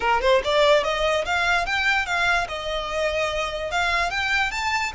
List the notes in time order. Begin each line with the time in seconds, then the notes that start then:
0.00 A#4
0.21 C5
0.44 D5
0.83 D#5
1.25 F5
1.66 G5
2.06 F5
2.48 D#5
3.71 F5
4.10 G5
4.51 A5